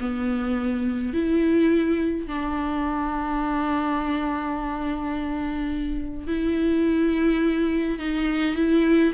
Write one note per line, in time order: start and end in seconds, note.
0.00 1.14 B3
1.14 2.27 E4
2.27 6.27 D4
6.27 7.99 E4
7.99 8.56 D#4
8.56 9.13 E4